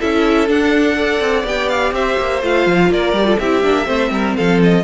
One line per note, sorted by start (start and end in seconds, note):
0.00 0.49 C#4
0.00 0.48 E4
0.00 0.97 A4
0.00 0.49 E5
0.48 0.96 D4
0.48 1.21 D4
0.48 1.46 F#5
0.96 1.45 A4
0.96 1.94 D5
1.21 1.44 C4
1.44 1.92 B3
1.44 2.43 G4
1.44 1.69 G5
1.69 1.93 F5
1.92 2.16 C4
1.92 2.91 C5
1.92 2.43 E5
2.18 2.43 A#3
2.43 2.67 A3
2.43 3.16 F4
2.43 2.93 F5
2.67 2.90 F3
2.90 3.13 A#3
2.90 3.28 A#4
2.90 3.39 D5
3.13 3.37 G3
3.13 3.25 G4
3.25 3.37 F4
3.25 3.40 A4
3.39 3.64 C4
3.39 3.63 E4
3.39 3.86 G4
3.39 4.36 E5
3.63 3.88 A#3
3.63 3.86 D4
3.86 4.11 A3
3.86 4.83 C4
3.86 4.11 C5
4.11 4.35 G3
4.11 4.37 A#4
4.37 4.84 F3
4.37 4.84 A4
4.37 4.61 F5
4.63 4.84 D#5